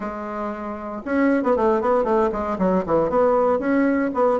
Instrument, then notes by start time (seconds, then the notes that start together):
bassoon
0.00 G#3
1.05 C#4
1.43 B3
1.56 A3
1.81 B3
2.04 A3
2.31 G#3
2.58 F#3
2.86 E3
3.09 B3
3.59 C#4
4.14 B3